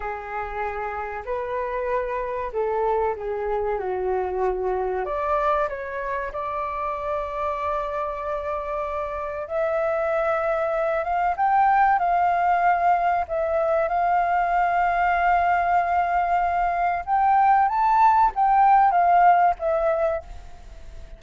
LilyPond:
\new Staff \with { instrumentName = "flute" } { \time 4/4 \tempo 4 = 95 gis'2 b'2 | a'4 gis'4 fis'2 | d''4 cis''4 d''2~ | d''2. e''4~ |
e''4. f''8 g''4 f''4~ | f''4 e''4 f''2~ | f''2. g''4 | a''4 g''4 f''4 e''4 | }